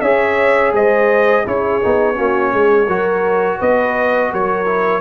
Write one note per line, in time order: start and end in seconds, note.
0.00 0.72 C#4
0.00 1.45 G#4
0.00 0.73 C#5
0.00 0.71 E5
0.72 1.44 G#3
0.72 1.45 C5
0.72 1.47 D#5
1.45 1.82 C#4
1.45 1.81 E4
1.45 2.16 G#4
1.45 3.61 C#5
1.82 2.18 B3
1.82 2.14 D#4
2.14 2.53 A#3
2.14 2.85 C#4
2.14 2.51 F#4
2.52 2.87 G#3
2.52 2.86 G#4
2.86 3.59 F#3
2.86 4.65 F#4
2.86 3.57 A#4
3.58 4.32 B3
3.58 4.30 B4
3.58 4.32 D#5
4.31 5.00 F#3
4.31 5.00 A#4
4.31 5.00 C#5
4.65 5.00 E4